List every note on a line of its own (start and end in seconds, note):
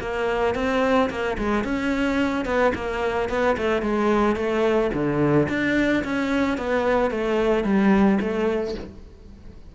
0.00 0.55 A#3
0.55 1.09 C4
1.10 1.37 A#3
1.38 1.64 G#3
1.64 2.45 C#4
2.45 2.72 B3
2.75 3.29 A#3
3.29 3.56 B3
3.57 3.82 A3
3.82 4.36 G#3
4.36 4.90 A3
4.93 5.48 D3
5.49 6.03 D4
6.03 6.57 C#4
6.57 7.11 B3
7.11 7.64 A3
7.64 8.18 G3
8.20 8.74 A3